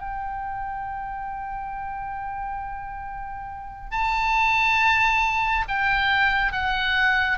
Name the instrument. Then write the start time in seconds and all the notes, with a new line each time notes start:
oboe
0.00 G5
3.91 A5
5.68 G5
6.52 F#5